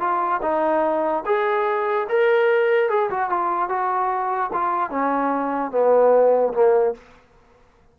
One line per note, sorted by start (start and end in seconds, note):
0.00 0.41 F4
0.42 1.24 D#4
1.26 2.08 G#4
2.09 2.90 A#4
2.90 3.10 G#4
3.10 3.30 F#4
3.30 3.69 F4
3.69 4.51 F#4
4.53 4.91 F4
4.91 5.72 C#4
5.72 6.53 B3
6.53 6.94 A#3